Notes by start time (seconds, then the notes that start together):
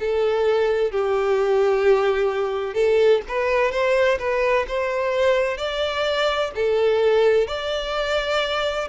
0.00 A4
0.92 G4
2.74 A4
3.28 B4
3.72 C5
4.19 B4
4.68 C5
5.57 D5
6.55 A4
7.47 D5